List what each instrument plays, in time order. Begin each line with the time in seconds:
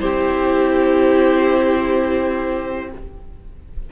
0.00 cello C4, viola E4, violin G4 C5